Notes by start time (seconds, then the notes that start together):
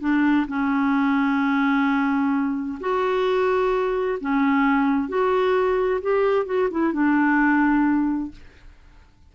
0.00 D4
0.47 C#4
2.80 F#4
4.20 C#4
5.08 F#4
6.01 G4
6.45 F#4
6.70 E4
6.93 D4